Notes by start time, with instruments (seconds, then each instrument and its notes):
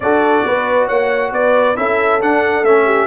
0.00 tuba D4, trombone F#4, horn A4, trumpet D5
0.45 tuba B3, horn B4
0.86 tuba A#3, horn C#5, trumpet F#5
1.32 tuba B3, horn B4, trumpet D5
1.76 tuba C#4, trombone E4, horn A4, trumpet E5
2.20 trombone D4, tuba D4, trumpet F#5
2.62 tuba A3, trombone C#4, trumpet E5
2.85 horn G4